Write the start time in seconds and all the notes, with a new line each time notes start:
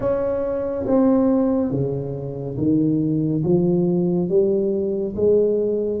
0.00 C#4
0.86 C4
1.70 C#3
2.57 D#3
3.43 F3
4.29 G3
5.15 G#3